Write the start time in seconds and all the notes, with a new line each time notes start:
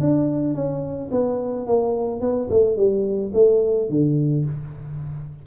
0.00 D4
0.55 C#4
1.11 B3
1.67 A#3
2.21 B3
2.50 A3
2.77 G3
3.34 A3
3.89 D3